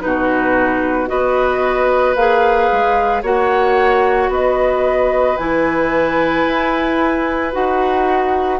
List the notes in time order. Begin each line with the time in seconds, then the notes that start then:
0.00 B2 D#4 F#4 B4
1.07 B3 F#4 B4 D#5
2.15 A#3 G#4 F5
2.71 G#3
3.22 A#3 F#4 C#5 F#5
4.28 B3 B4 D#5
5.37 E3 E4 G#5
6.46 E4
7.52 D#4 F#4 F#5